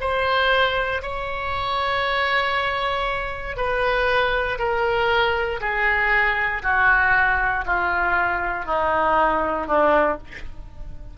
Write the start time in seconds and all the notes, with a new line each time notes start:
0.00 C5
1.02 C#5
3.56 B4
4.58 A#4
5.60 G#4
6.62 F#4
7.65 F4
8.65 D#4
9.67 D4